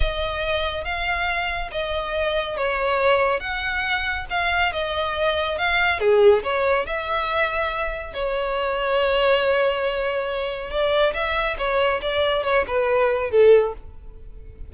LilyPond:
\new Staff \with { instrumentName = "violin" } { \time 4/4 \tempo 4 = 140 dis''2 f''2 | dis''2 cis''2 | fis''2 f''4 dis''4~ | dis''4 f''4 gis'4 cis''4 |
e''2. cis''4~ | cis''1~ | cis''4 d''4 e''4 cis''4 | d''4 cis''8 b'4. a'4 | }